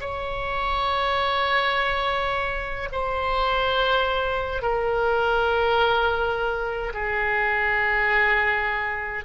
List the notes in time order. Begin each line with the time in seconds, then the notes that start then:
0.00 C#5
2.92 C5
4.62 A#4
6.93 G#4